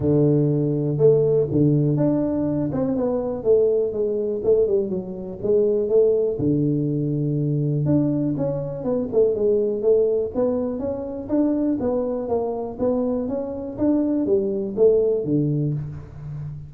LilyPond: \new Staff \with { instrumentName = "tuba" } { \time 4/4 \tempo 4 = 122 d2 a4 d4 | d'4. c'8 b4 a4 | gis4 a8 g8 fis4 gis4 | a4 d2. |
d'4 cis'4 b8 a8 gis4 | a4 b4 cis'4 d'4 | b4 ais4 b4 cis'4 | d'4 g4 a4 d4 | }